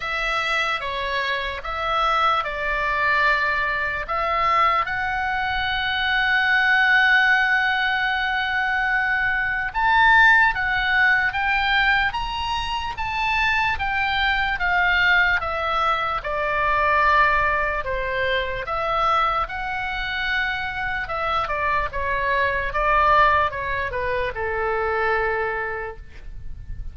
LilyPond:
\new Staff \with { instrumentName = "oboe" } { \time 4/4 \tempo 4 = 74 e''4 cis''4 e''4 d''4~ | d''4 e''4 fis''2~ | fis''1 | a''4 fis''4 g''4 ais''4 |
a''4 g''4 f''4 e''4 | d''2 c''4 e''4 | fis''2 e''8 d''8 cis''4 | d''4 cis''8 b'8 a'2 | }